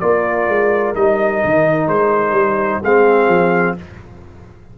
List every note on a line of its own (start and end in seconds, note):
0.00 0.48 A#3
0.00 0.95 F4
0.00 2.81 A#4
0.00 0.94 D5
0.48 0.95 G#3
0.96 1.42 G3
0.96 2.83 D#4
0.96 1.88 D#5
1.45 1.88 D#3
1.88 2.32 G#3
1.88 2.82 C5
2.32 2.79 G3
2.81 3.28 G#3
2.81 3.78 C4
2.81 3.75 G#4
2.81 3.78 F5
3.28 3.75 F3